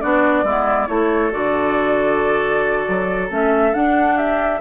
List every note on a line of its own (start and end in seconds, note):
0.00 0.44 B3
0.00 0.46 D4
0.00 0.44 F#4
0.00 0.87 D5
0.44 0.87 G#3
0.44 0.87 B3
0.44 0.88 E4
0.87 1.32 A3
0.87 1.31 E4
0.87 4.16 A4
0.87 1.31 C#5
1.31 2.87 D3
1.31 3.28 F#4
1.31 3.29 D5
2.88 3.30 F#3
3.29 3.74 A3
3.29 3.73 C#4
3.29 3.74 E5
3.73 4.60 D4
3.73 4.17 F#5
4.16 4.59 G4
4.16 4.60 E5